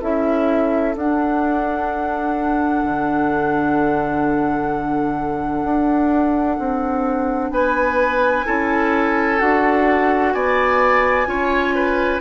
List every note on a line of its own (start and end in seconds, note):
0.00 0.95 C#4
0.00 0.95 E4
0.00 7.50 A4
0.00 0.96 E5
0.95 2.82 D4
0.95 8.45 D4
0.95 7.52 F#5
2.82 5.63 D3
5.63 6.57 D4
6.58 7.50 C4
7.50 8.44 B3
7.50 8.46 B4
7.50 9.39 G#5
8.45 9.40 C#4
8.45 9.38 E4
8.45 10.33 A4
9.38 10.34 D4
9.38 11.26 F#4
9.38 10.32 F#5
10.32 11.26 B3
10.32 11.28 D5
10.32 12.20 G#5
11.26 12.20 C#4
11.26 12.19 F4
11.26 11.74 C#5
11.74 12.21 B4